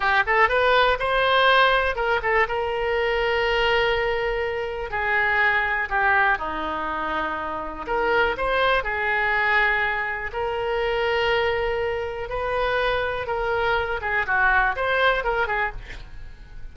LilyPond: \new Staff \with { instrumentName = "oboe" } { \time 4/4 \tempo 4 = 122 g'8 a'8 b'4 c''2 | ais'8 a'8 ais'2.~ | ais'2 gis'2 | g'4 dis'2. |
ais'4 c''4 gis'2~ | gis'4 ais'2.~ | ais'4 b'2 ais'4~ | ais'8 gis'8 fis'4 c''4 ais'8 gis'8 | }